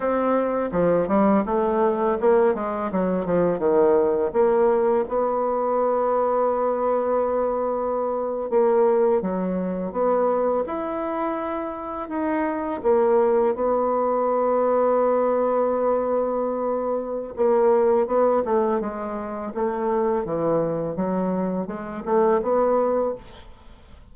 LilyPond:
\new Staff \with { instrumentName = "bassoon" } { \time 4/4 \tempo 4 = 83 c'4 f8 g8 a4 ais8 gis8 | fis8 f8 dis4 ais4 b4~ | b2.~ b8. ais16~ | ais8. fis4 b4 e'4~ e'16~ |
e'8. dis'4 ais4 b4~ b16~ | b1 | ais4 b8 a8 gis4 a4 | e4 fis4 gis8 a8 b4 | }